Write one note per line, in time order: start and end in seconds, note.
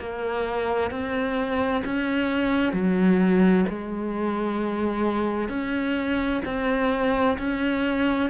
0.00 0.91 A#3
0.91 1.83 C4
1.85 2.73 C#4
2.73 3.65 F#3
3.69 5.49 G#3
5.49 6.42 C#4
6.45 7.38 C4
7.38 8.30 C#4